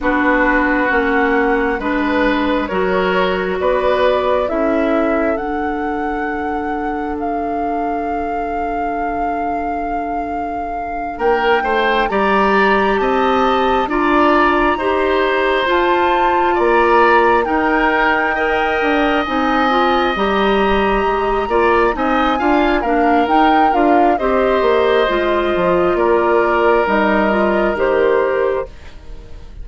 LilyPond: <<
  \new Staff \with { instrumentName = "flute" } { \time 4/4 \tempo 4 = 67 b'4 fis''4 b'4 cis''4 | d''4 e''4 fis''2 | f''1~ | f''8 g''4 ais''4 a''4 ais''8~ |
ais''4. a''4 ais''4 g''8~ | g''4. gis''4 ais''4.~ | ais''8 gis''4 f''8 g''8 f''8 dis''4~ | dis''4 d''4 dis''4 c''4 | }
  \new Staff \with { instrumentName = "oboe" } { \time 4/4 fis'2 b'4 ais'4 | b'4 a'2.~ | a'1~ | a'8 ais'8 c''8 d''4 dis''4 d''8~ |
d''8 c''2 d''4 ais'8~ | ais'8 dis''2.~ dis''8 | d''8 dis''8 f''8 ais'4. c''4~ | c''4 ais'2. | }
  \new Staff \with { instrumentName = "clarinet" } { \time 4/4 d'4 cis'4 d'4 fis'4~ | fis'4 e'4 d'2~ | d'1~ | d'4. g'2 f'8~ |
f'8 g'4 f'2 dis'8~ | dis'8 ais'4 dis'8 f'8 g'4. | f'8 dis'8 f'8 d'8 dis'8 f'8 g'4 | f'2 dis'8 f'8 g'4 | }
  \new Staff \with { instrumentName = "bassoon" } { \time 4/4 b4 ais4 gis4 fis4 | b4 cis'4 d'2~ | d'1~ | d'8 ais8 a8 g4 c'4 d'8~ |
d'8 dis'4 f'4 ais4 dis'8~ | dis'4 d'8 c'4 g4 gis8 | ais8 c'8 d'8 ais8 dis'8 d'8 c'8 ais8 | gis8 f8 ais4 g4 dis4 | }
>>